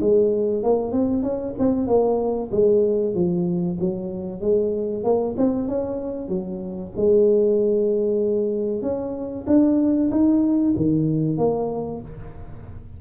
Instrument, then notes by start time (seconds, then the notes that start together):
tuba
0.00 G#3
0.63 A#3
0.92 C4
1.23 C#4
1.58 C4
1.87 A#3
2.51 G#3
3.14 F3
3.80 F#3
4.40 G#3
5.03 A#3
5.37 C4
5.68 C#4
6.28 F#3
6.96 G#3
8.82 C#4
9.47 D4
10.11 D#4
10.76 D#3
11.37 A#3